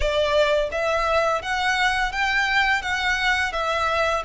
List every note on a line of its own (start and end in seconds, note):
0.00 0.69 D5
0.71 1.42 E5
1.42 2.11 F#5
2.11 2.82 G5
2.82 3.52 F#5
3.52 4.23 E5